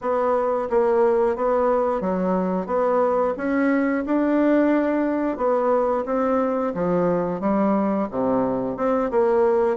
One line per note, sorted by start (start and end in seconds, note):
0.01 0.68 B3
0.70 1.36 A#3
1.36 2.00 B3
2.00 2.66 F#3
2.66 3.34 B3
3.37 4.04 C#4
4.06 5.37 D4
5.37 6.04 B3
6.05 6.73 C4
6.74 7.40 F3
7.40 8.07 G3
8.10 8.76 C3
8.76 9.10 C4
9.10 9.76 A#3